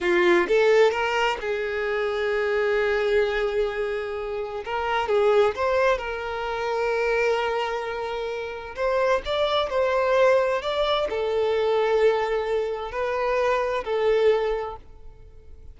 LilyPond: \new Staff \with { instrumentName = "violin" } { \time 4/4 \tempo 4 = 130 f'4 a'4 ais'4 gis'4~ | gis'1~ | gis'2 ais'4 gis'4 | c''4 ais'2.~ |
ais'2. c''4 | d''4 c''2 d''4 | a'1 | b'2 a'2 | }